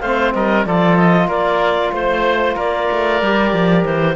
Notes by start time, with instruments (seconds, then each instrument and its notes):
0.00 cello A3, trombone C4, oboe C5, clarinet F5
0.33 cello G3, oboe A#4, clarinet D#5
0.65 cello F3, trombone F4, oboe A4, clarinet D5
0.96 clarinet D#5
1.27 cello A#3, oboe A#4, clarinet D5
1.92 cello A3, clarinet C5, oboe C5
2.55 cello A#3, oboe A#4, clarinet D5
2.91 cello A3
3.22 cello G3, trombone G4
3.53 cello F3
3.84 cello E3, clarinet C5